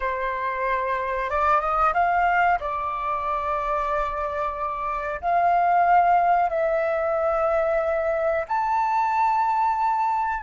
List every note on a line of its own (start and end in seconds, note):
0.00 1.30 C5
1.30 1.60 D5
1.60 1.93 D#5
1.93 2.58 F5
2.60 5.21 D5
5.21 6.49 F5
6.49 8.45 E5
8.48 10.43 A5